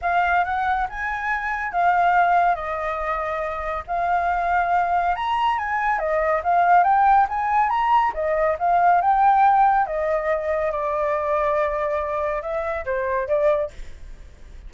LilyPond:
\new Staff \with { instrumentName = "flute" } { \time 4/4 \tempo 4 = 140 f''4 fis''4 gis''2 | f''2 dis''2~ | dis''4 f''2. | ais''4 gis''4 dis''4 f''4 |
g''4 gis''4 ais''4 dis''4 | f''4 g''2 dis''4~ | dis''4 d''2.~ | d''4 e''4 c''4 d''4 | }